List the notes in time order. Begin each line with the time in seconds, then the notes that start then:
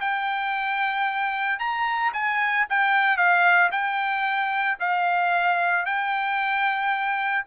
0.00 G5
1.59 A#5
2.13 G#5
2.69 G5
3.17 F5
3.71 G5
4.79 F5
5.85 G5